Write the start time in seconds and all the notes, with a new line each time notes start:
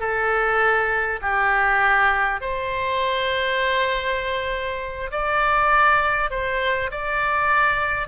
0.00 A4
1.22 G4
2.41 C5
5.11 D5
6.31 C5
6.91 D5